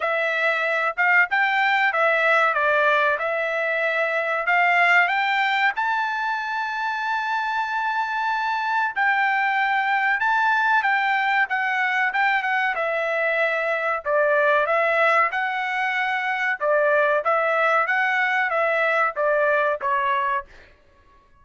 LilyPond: \new Staff \with { instrumentName = "trumpet" } { \time 4/4 \tempo 4 = 94 e''4. f''8 g''4 e''4 | d''4 e''2 f''4 | g''4 a''2.~ | a''2 g''2 |
a''4 g''4 fis''4 g''8 fis''8 | e''2 d''4 e''4 | fis''2 d''4 e''4 | fis''4 e''4 d''4 cis''4 | }